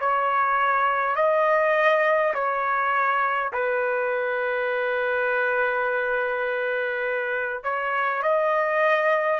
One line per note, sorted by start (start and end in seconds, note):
0.00 1.16 C#5
1.16 2.33 D#5
2.34 3.52 C#5
3.52 7.64 B4
7.64 8.22 C#5
8.22 9.40 D#5